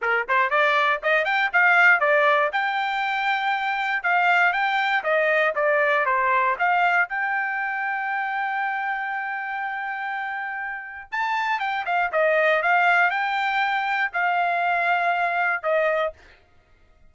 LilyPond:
\new Staff \with { instrumentName = "trumpet" } { \time 4/4 \tempo 4 = 119 ais'8 c''8 d''4 dis''8 g''8 f''4 | d''4 g''2. | f''4 g''4 dis''4 d''4 | c''4 f''4 g''2~ |
g''1~ | g''2 a''4 g''8 f''8 | dis''4 f''4 g''2 | f''2. dis''4 | }